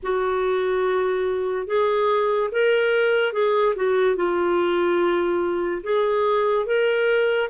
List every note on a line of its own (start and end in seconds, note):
0.02 1.66 F#4
1.66 2.50 G#4
2.51 3.33 A#4
3.33 3.74 G#4
3.75 4.16 F#4
4.16 5.82 F4
5.83 6.66 G#4
6.66 7.49 A#4